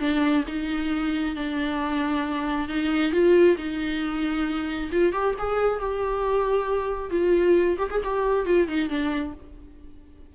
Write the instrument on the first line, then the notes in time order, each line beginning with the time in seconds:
viola
0.00 D4
0.47 D#4
1.36 D4
2.69 D#4
3.12 F4
3.58 D#4
4.92 F4
5.13 G4
5.39 G#4
5.80 G4
7.11 F4
7.78 G4
7.91 G#4
8.04 G4
8.46 F4
8.68 D#4
8.89 D4